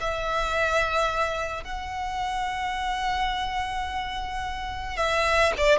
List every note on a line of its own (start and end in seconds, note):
0.00 1.64 E5
1.64 4.97 F#5
4.97 5.52 E5
5.57 5.78 D5